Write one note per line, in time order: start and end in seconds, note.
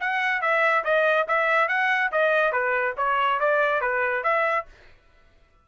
0.00 0.41 F#5
0.41 0.83 E5
0.84 1.26 D#5
1.27 1.68 E5
1.68 2.10 F#5
2.11 2.52 D#5
2.52 2.94 B4
2.97 3.39 C#5
3.39 3.80 D5
3.80 4.23 B4
4.23 4.66 E5